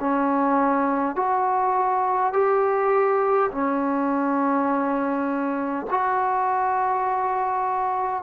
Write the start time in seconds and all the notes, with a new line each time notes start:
0.00 C#4
1.16 F#4
2.33 G4
3.52 C#4
5.90 F#4